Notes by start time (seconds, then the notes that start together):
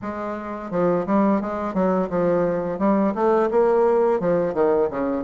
0.02 G#3
0.70 F3
1.06 G3
1.41 G#3
1.73 F#3
2.09 F3
2.78 G3
3.14 A3
3.50 A#3
4.20 F3
4.53 D#3
4.90 C#3